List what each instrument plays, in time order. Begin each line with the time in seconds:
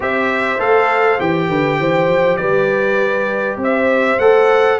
0.00 tuba C4, trombone G4, horn C5, trumpet E5
0.58 tuba A3, trombone A4, trumpet F5
1.19 tuba E3, trombone G4, trumpet G5
1.49 tuba D3, horn B4
1.79 tuba E3, horn C5
2.08 tuba F3
2.36 tuba G3, horn B4, trumpet D5
3.56 tuba C4, horn C5
3.63 trumpet E5
4.19 tuba A3, trombone A4, trumpet F#5